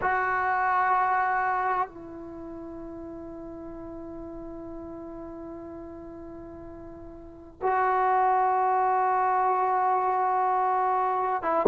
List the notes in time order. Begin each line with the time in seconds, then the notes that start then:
0.01 F#4
1.88 E4
7.61 F#4
11.42 E4